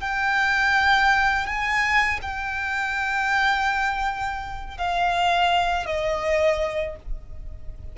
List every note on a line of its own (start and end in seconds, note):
0.00 1.46 G5
1.46 2.19 G#5
2.22 4.77 G5
4.77 5.86 F5
5.86 6.95 D#5